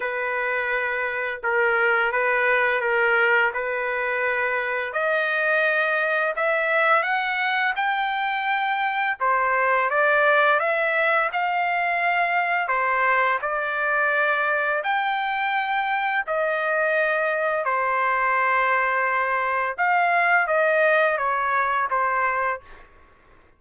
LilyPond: \new Staff \with { instrumentName = "trumpet" } { \time 4/4 \tempo 4 = 85 b'2 ais'4 b'4 | ais'4 b'2 dis''4~ | dis''4 e''4 fis''4 g''4~ | g''4 c''4 d''4 e''4 |
f''2 c''4 d''4~ | d''4 g''2 dis''4~ | dis''4 c''2. | f''4 dis''4 cis''4 c''4 | }